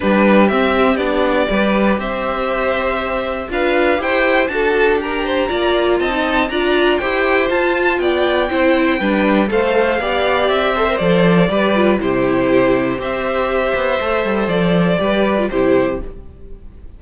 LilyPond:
<<
  \new Staff \with { instrumentName = "violin" } { \time 4/4 \tempo 4 = 120 b'4 e''4 d''2 | e''2. f''4 | g''4 a''4 ais''2 | a''4 ais''4 g''4 a''4 |
g''2. f''4~ | f''4 e''4 d''2 | c''2 e''2~ | e''4 d''2 c''4 | }
  \new Staff \with { instrumentName = "violin" } { \time 4/4 g'2. b'4 | c''2. b'4 | c''4 a'4 ais'8 c''8 d''4 | dis''4 d''4 c''2 |
d''4 c''4 b'4 c''4 | d''4. c''4. b'4 | g'2 c''2~ | c''2 b'4 g'4 | }
  \new Staff \with { instrumentName = "viola" } { \time 4/4 d'4 c'4 d'4 g'4~ | g'2. f'4 | g'4 d'2 f'4~ | f'16 dis'8. f'4 g'4 f'4~ |
f'4 e'4 d'4 a'4 | g'4. a'16 ais'16 a'4 g'8 f'8 | e'2 g'2 | a'2 g'8. f'16 e'4 | }
  \new Staff \with { instrumentName = "cello" } { \time 4/4 g4 c'4 b4 g4 | c'2. d'4 | e'4 fis'4 g'4 ais4 | c'4 d'4 e'4 f'4 |
b4 c'4 g4 a4 | b4 c'4 f4 g4 | c2 c'4. b8 | a8 g8 f4 g4 c4 | }
>>